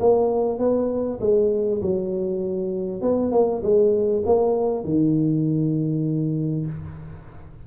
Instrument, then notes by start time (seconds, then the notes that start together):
tuba
0.00 A#3
0.59 B3
1.21 G#3
1.82 F#3
3.02 B3
3.32 A#3
3.63 G#3
4.26 A#3
4.84 D#3